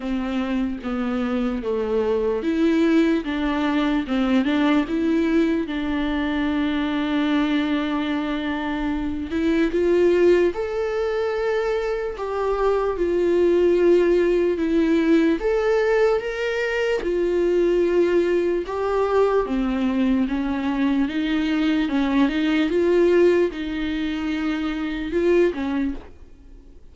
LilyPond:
\new Staff \with { instrumentName = "viola" } { \time 4/4 \tempo 4 = 74 c'4 b4 a4 e'4 | d'4 c'8 d'8 e'4 d'4~ | d'2.~ d'8 e'8 | f'4 a'2 g'4 |
f'2 e'4 a'4 | ais'4 f'2 g'4 | c'4 cis'4 dis'4 cis'8 dis'8 | f'4 dis'2 f'8 cis'8 | }